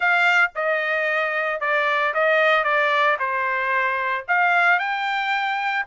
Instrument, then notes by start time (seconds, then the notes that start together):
trumpet
0.00 F5
0.55 D#5
1.60 D5
2.14 D#5
2.64 D5
3.19 C5
4.27 F5
4.79 G5